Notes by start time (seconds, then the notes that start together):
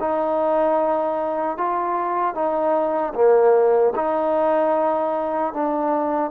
0.00 D#4
1.58 F4
2.35 D#4
3.15 A#3
3.95 D#4
5.53 D4